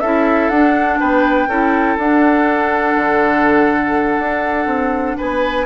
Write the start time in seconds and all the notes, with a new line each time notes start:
0.00 C#4 E4 A4 E5
0.49 D4 F#5
1.00 B3 B4 G5
1.48 C#4 E4 A4
1.97 D4 F#5
2.96 D3
4.19 D4
4.66 C4
5.17 B3 B4 G#5